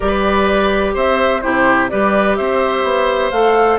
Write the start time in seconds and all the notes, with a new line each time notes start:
0.00 G3 G4 B4 D5
0.94 C4 C5 E5
1.41 C3 E4 G4 C5
1.89 G3 G4 B4 D5
2.36 C4 C5 E5
2.83 B3
3.30 A3 A4 F5